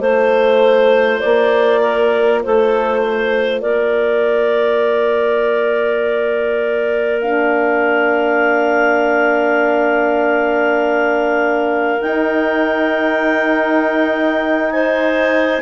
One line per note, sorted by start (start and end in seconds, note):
0.00 1.20 A3
0.00 7.21 F4
0.00 1.80 C5
0.00 1.20 C5
1.20 2.44 A#3
1.20 2.40 D5
1.81 2.41 A#4
2.43 3.62 A3
2.43 3.00 A4
2.43 3.61 C5
3.00 3.60 C5
3.60 12.02 A#3
3.60 14.70 A#4
3.60 7.21 D5
7.21 12.01 D4
7.21 12.01 F5
12.01 15.61 D#4
12.01 14.71 G5
14.71 15.61 C5
14.71 15.61 G#5